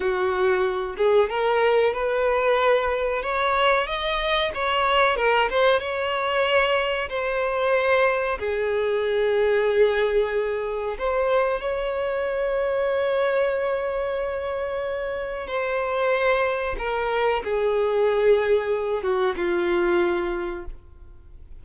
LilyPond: \new Staff \with { instrumentName = "violin" } { \time 4/4 \tempo 4 = 93 fis'4. gis'8 ais'4 b'4~ | b'4 cis''4 dis''4 cis''4 | ais'8 c''8 cis''2 c''4~ | c''4 gis'2.~ |
gis'4 c''4 cis''2~ | cis''1 | c''2 ais'4 gis'4~ | gis'4. fis'8 f'2 | }